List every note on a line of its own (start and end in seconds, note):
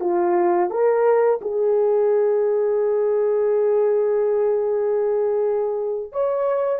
0.00 0.70 F4
0.70 1.40 A#4
1.41 6.12 G#4
6.12 6.79 C#5